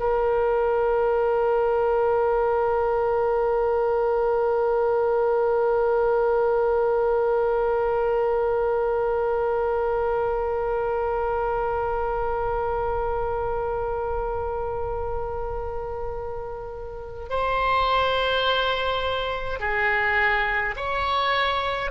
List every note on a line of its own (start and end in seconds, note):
0.00 17.30 A#4
17.30 19.60 C5
19.60 20.75 G#4
20.76 21.91 C#5